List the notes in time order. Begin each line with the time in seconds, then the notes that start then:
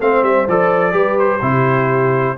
0.00 A3 C4 C5 F5
0.22 G3 E5
0.48 F3 A4 D5
0.92 G3 G4 B4
1.19 C5
1.41 C3 E4 G4